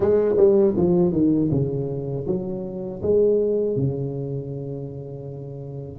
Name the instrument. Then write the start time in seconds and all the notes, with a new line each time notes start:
tuba
0.00 G#3
0.36 G3
0.77 F3
1.12 D#3
1.51 C#3
2.26 F#3
3.02 G#3
3.76 C#3